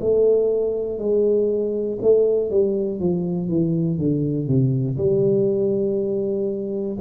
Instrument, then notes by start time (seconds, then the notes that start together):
tuba
0.00 A3
0.98 G#3
2.01 A3
2.50 G3
3.00 F3
3.48 E3
3.98 D3
4.47 C3
4.97 G3